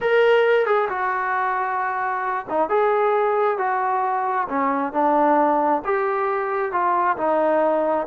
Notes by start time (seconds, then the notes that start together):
0.00 A#4
0.66 G#4
0.89 F#4
2.49 D#4
2.69 G#4
3.58 F#4
4.49 C#4
4.92 D4
5.85 G4
6.72 F4
7.17 D#4